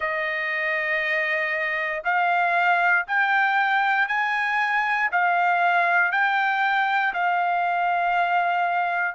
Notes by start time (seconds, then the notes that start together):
0.00 D#5
2.04 F5
3.07 G5
4.08 G#5
5.11 F5
6.11 G5
7.13 F5